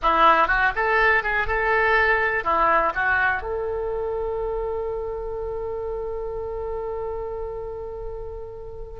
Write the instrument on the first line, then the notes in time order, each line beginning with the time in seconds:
oboe
0.02 E4
0.47 F#4
0.75 A4
1.23 G#4
1.47 A4
2.43 E4
2.94 F#4
3.41 A4